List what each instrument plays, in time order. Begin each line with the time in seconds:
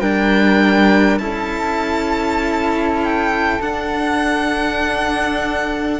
0.00 cello G3 D4, flute A#4, violin G5
1.19 cello C#4 E4, flute A4, violin A5
3.04 violin G5
3.61 cello D4, violin F#5